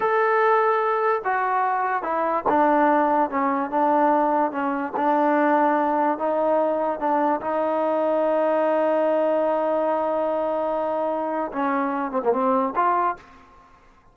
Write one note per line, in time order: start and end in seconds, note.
0.00 1.22 A4
1.24 2.02 F#4
2.02 2.43 E4
2.48 3.30 D4
3.30 3.70 C#4
3.70 4.51 D4
4.51 4.92 C#4
4.96 6.18 D4
6.18 6.99 D#4
6.99 7.40 D4
7.40 11.51 D#4
11.52 12.11 C#4
12.11 12.21 C4
12.24 12.32 A#3
12.32 12.73 C4
12.75 13.16 F4